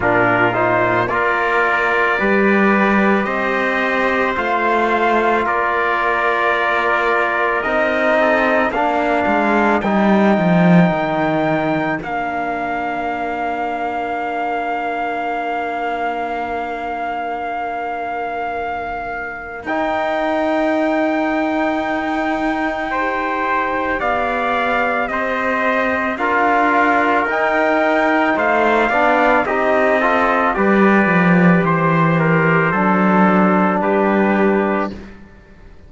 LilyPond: <<
  \new Staff \with { instrumentName = "trumpet" } { \time 4/4 \tempo 4 = 55 ais'8 c''8 d''2 dis''4 | f''4 d''2 dis''4 | f''4 g''2 f''4~ | f''1~ |
f''2 g''2~ | g''2 f''4 dis''4 | f''4 g''4 f''4 dis''4 | d''4 c''2 b'4 | }
  \new Staff \with { instrumentName = "trumpet" } { \time 4/4 f'4 ais'4 b'4 c''4~ | c''4 ais'2~ ais'8 a'8 | ais'1~ | ais'1~ |
ais'1~ | ais'4 c''4 d''4 c''4 | ais'2 c''8 d''8 g'8 a'8 | b'4 c''8 ais'8 a'4 g'4 | }
  \new Staff \with { instrumentName = "trombone" } { \time 4/4 d'8 dis'8 f'4 g'2 | f'2. dis'4 | d'4 dis'2 d'4~ | d'1~ |
d'2 dis'2~ | dis'4 g'2. | f'4 dis'4. d'8 dis'8 f'8 | g'2 d'2 | }
  \new Staff \with { instrumentName = "cello" } { \time 4/4 ais,4 ais4 g4 c'4 | a4 ais2 c'4 | ais8 gis8 g8 f8 dis4 ais4~ | ais1~ |
ais2 dis'2~ | dis'2 b4 c'4 | d'4 dis'4 a8 b8 c'4 | g8 f8 e4 fis4 g4 | }
>>